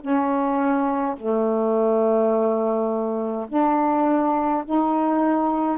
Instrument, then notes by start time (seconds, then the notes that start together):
saxophone
0.00 C#4
1.16 A3
3.48 D4
4.65 D#4